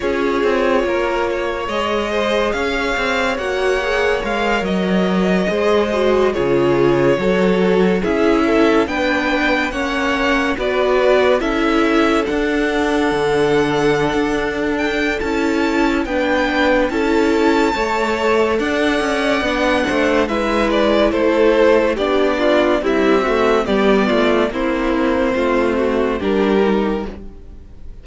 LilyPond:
<<
  \new Staff \with { instrumentName = "violin" } { \time 4/4 \tempo 4 = 71 cis''2 dis''4 f''4 | fis''4 f''8 dis''2 cis''8~ | cis''4. e''4 g''4 fis''8~ | fis''8 d''4 e''4 fis''4.~ |
fis''4. g''8 a''4 g''4 | a''2 fis''2 | e''8 d''8 c''4 d''4 e''4 | d''4 c''2 ais'4 | }
  \new Staff \with { instrumentName = "violin" } { \time 4/4 gis'4 ais'8 cis''4 c''8 cis''4~ | cis''2~ cis''8 c''4 gis'8~ | gis'8 a'4 gis'8 a'8 b'4 cis''8~ | cis''8 b'4 a'2~ a'8~ |
a'2. b'4 | a'4 cis''4 d''4. c''8 | b'4 a'4 g'8 f'8 e'8 fis'8 | g'8 f'8 e'4 f'8 fis'8 g'4 | }
  \new Staff \with { instrumentName = "viola" } { \time 4/4 f'2 gis'2 | fis'8 gis'8 ais'4. gis'8 fis'8 f'8~ | f'8 fis'4 e'4 d'4 cis'8~ | cis'8 fis'4 e'4 d'4.~ |
d'2 e'4 d'4 | e'4 a'2 d'4 | e'2 d'4 g8 a8 | b4 c'2 d'8 dis'8 | }
  \new Staff \with { instrumentName = "cello" } { \time 4/4 cis'8 c'8 ais4 gis4 cis'8 c'8 | ais4 gis8 fis4 gis4 cis8~ | cis8 fis4 cis'4 b4 ais8~ | ais8 b4 cis'4 d'4 d8~ |
d8. d'4~ d'16 cis'4 b4 | cis'4 a4 d'8 cis'8 b8 a8 | gis4 a4 b4 c'4 | g8 a8 ais4 a4 g4 | }
>>